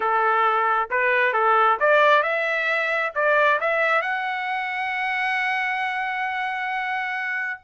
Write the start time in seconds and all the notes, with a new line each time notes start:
0.00 A4
0.90 B4
1.33 A4
1.80 D5
2.23 E5
3.14 D5
3.60 E5
4.01 F#5